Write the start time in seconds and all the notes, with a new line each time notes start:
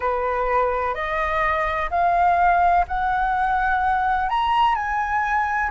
0.00 B4
0.94 D#5
1.90 F5
2.87 F#5
4.29 A#5
4.75 G#5